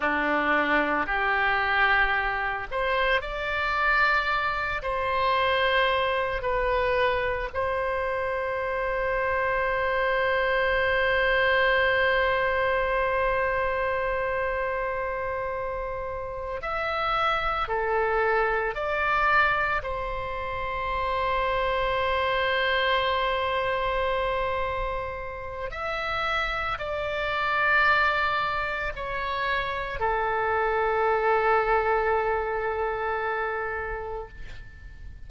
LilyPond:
\new Staff \with { instrumentName = "oboe" } { \time 4/4 \tempo 4 = 56 d'4 g'4. c''8 d''4~ | d''8 c''4. b'4 c''4~ | c''1~ | c''2.~ c''8 e''8~ |
e''8 a'4 d''4 c''4.~ | c''1 | e''4 d''2 cis''4 | a'1 | }